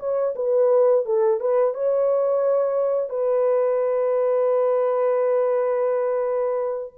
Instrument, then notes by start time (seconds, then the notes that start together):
horn
0.00 C#5
0.36 B4
1.06 A4
1.41 B4
1.75 C#5
3.10 B4